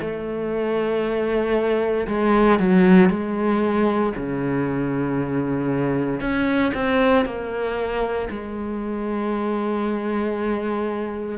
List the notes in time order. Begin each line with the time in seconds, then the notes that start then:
0.00 A3
2.07 G#3
2.59 F#3
3.09 G#3
4.16 C#3
6.20 C#4
6.74 C4
7.25 A#3
8.29 G#3